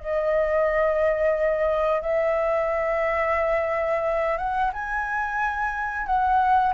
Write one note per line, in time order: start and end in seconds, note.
0.00 2.02 D#5
2.02 4.38 E5
4.38 4.72 F#5
4.73 6.06 G#5
6.06 6.74 F#5